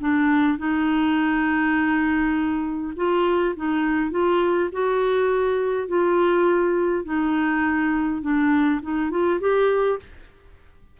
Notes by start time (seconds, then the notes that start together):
0.00 D4
0.58 D#4
2.96 F4
3.56 D#4
4.11 F4
4.72 F#4
5.88 F4
7.05 D#4
8.22 D4
8.82 D#4
9.10 F4
9.40 G4